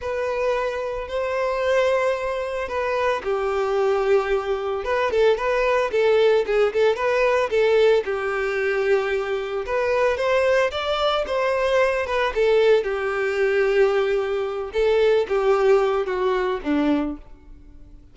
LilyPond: \new Staff \with { instrumentName = "violin" } { \time 4/4 \tempo 4 = 112 b'2 c''2~ | c''4 b'4 g'2~ | g'4 b'8 a'8 b'4 a'4 | gis'8 a'8 b'4 a'4 g'4~ |
g'2 b'4 c''4 | d''4 c''4. b'8 a'4 | g'2.~ g'8 a'8~ | a'8 g'4. fis'4 d'4 | }